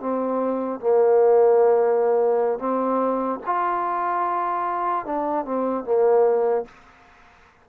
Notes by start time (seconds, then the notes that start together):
0.00 C4
0.80 A#3
2.59 C4
3.46 F4
5.06 D4
5.45 C4
5.84 A#3